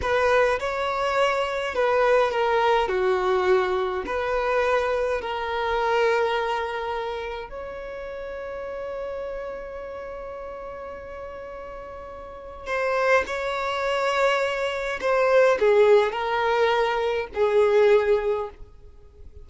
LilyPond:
\new Staff \with { instrumentName = "violin" } { \time 4/4 \tempo 4 = 104 b'4 cis''2 b'4 | ais'4 fis'2 b'4~ | b'4 ais'2.~ | ais'4 cis''2.~ |
cis''1~ | cis''2 c''4 cis''4~ | cis''2 c''4 gis'4 | ais'2 gis'2 | }